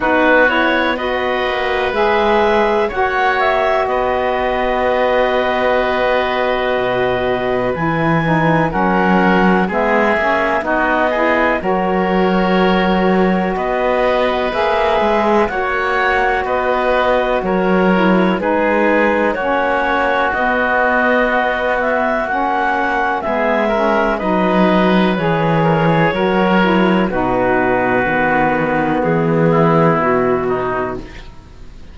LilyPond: <<
  \new Staff \with { instrumentName = "clarinet" } { \time 4/4 \tempo 4 = 62 b'8 cis''8 dis''4 e''4 fis''8 e''8 | dis''1 | gis''4 fis''4 e''4 dis''4 | cis''2 dis''4 e''4 |
fis''4 dis''4 cis''4 b'4 | cis''4 dis''4. e''8 fis''4 | e''4 dis''4 cis''2 | b'2 gis'4 fis'4 | }
  \new Staff \with { instrumentName = "oboe" } { \time 4/4 fis'4 b'2 cis''4 | b'1~ | b'4 ais'4 gis'4 fis'8 gis'8 | ais'2 b'2 |
cis''4 b'4 ais'4 gis'4 | fis'1 | gis'8 ais'8 b'4. ais'16 gis'16 ais'4 | fis'2~ fis'8 e'4 dis'8 | }
  \new Staff \with { instrumentName = "saxophone" } { \time 4/4 dis'8 e'8 fis'4 gis'4 fis'4~ | fis'1 | e'8 dis'8 cis'4 b8 cis'8 dis'8 e'8 | fis'2. gis'4 |
fis'2~ fis'8 e'8 dis'4 | cis'4 b2 cis'4 | b8 cis'8 dis'4 gis'4 fis'8 e'8 | dis'4 b2. | }
  \new Staff \with { instrumentName = "cello" } { \time 4/4 b4. ais8 gis4 ais4 | b2. b,4 | e4 fis4 gis8 ais8 b4 | fis2 b4 ais8 gis8 |
ais4 b4 fis4 gis4 | ais4 b2 ais4 | gis4 fis4 e4 fis4 | b,4 dis4 e4 b,4 | }
>>